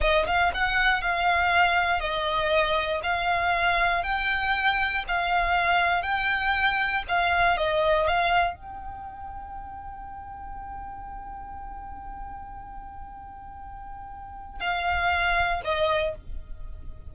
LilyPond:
\new Staff \with { instrumentName = "violin" } { \time 4/4 \tempo 4 = 119 dis''8 f''8 fis''4 f''2 | dis''2 f''2 | g''2 f''2 | g''2 f''4 dis''4 |
f''4 g''2.~ | g''1~ | g''1~ | g''4 f''2 dis''4 | }